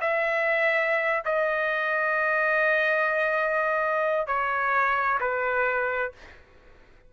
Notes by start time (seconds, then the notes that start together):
0.00 E5
1.24 D#5
4.27 C#5
5.20 B4